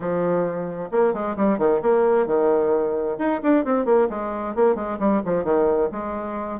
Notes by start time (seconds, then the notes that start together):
0.00 F3
0.91 A#3
1.13 G#3
1.36 G3
1.58 D#3
1.81 A#3
2.26 D#3
3.18 D#4
3.42 D4
3.64 C4
3.85 A#3
4.09 G#3
4.55 A#3
4.75 G#3
4.99 G3
5.25 F3
5.44 D#3
5.91 G#3